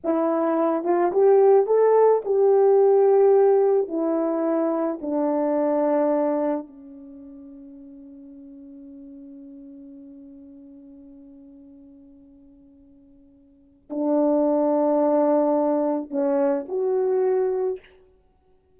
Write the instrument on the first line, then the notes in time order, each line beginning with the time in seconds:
horn
0.04 E4
0.84 F4
1.12 G4
1.66 A4
2.24 G4
3.87 E4
5.01 D4
6.67 C#4
13.89 D4
16.10 C#4
16.68 F#4